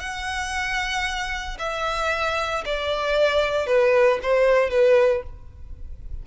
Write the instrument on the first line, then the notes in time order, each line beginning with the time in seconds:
violin
0.00 F#5
1.59 E5
2.66 D5
3.67 B4
4.23 C5
4.71 B4